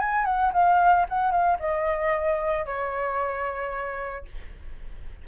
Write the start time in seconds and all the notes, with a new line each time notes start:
0.00 G#5
0.26 F#5
0.54 F5
1.10 F#5
1.32 F5
1.60 D#5
2.66 C#5